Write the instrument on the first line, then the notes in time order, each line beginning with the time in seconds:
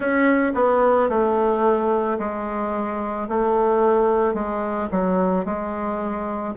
bassoon
0.00 C#4
0.54 B3
1.09 A3
2.18 G#3
3.28 A3
4.33 G#3
4.91 F#3
5.45 G#3